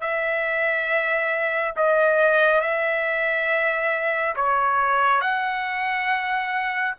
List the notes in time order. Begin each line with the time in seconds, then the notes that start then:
0.00 E5
1.75 D#5
2.60 E5
4.36 C#5
5.21 F#5